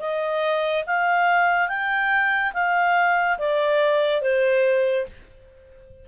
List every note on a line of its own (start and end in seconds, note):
0.00 0.85 D#5
0.87 1.69 F5
1.69 2.53 G5
2.54 3.38 F5
3.39 4.22 D5
4.22 5.06 C5